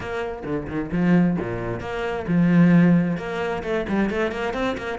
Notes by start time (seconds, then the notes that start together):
0.00 A#3
0.44 D3
0.67 D#3
0.92 F3
1.39 A#2
1.80 A#3
2.27 F3
3.17 A#3
3.63 A3
3.88 G3
4.10 A3
4.31 A#3
4.53 C4
4.77 A#3